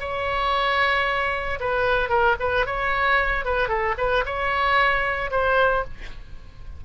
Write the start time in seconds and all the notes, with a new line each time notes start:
0.00 C#5
1.60 B4
2.09 A#4
2.40 B4
2.66 C#5
3.45 B4
3.69 A4
3.98 B4
4.26 C#5
5.31 C5